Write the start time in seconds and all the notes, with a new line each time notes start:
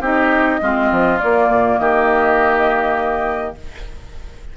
0.00 C4 D#4 G4 D#5
0.61 G#3 C4 F4
0.91 F3
1.19 A#3 D5
1.47 A#2
1.78 D#3 G4 D#5